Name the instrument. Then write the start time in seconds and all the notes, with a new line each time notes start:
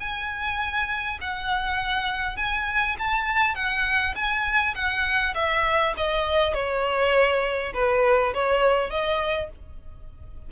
violin
0.00 G#5
1.21 F#5
2.37 G#5
2.99 A5
3.55 F#5
4.16 G#5
4.75 F#5
5.35 E5
5.97 D#5
6.54 C#5
7.74 B4
8.34 C#5
8.90 D#5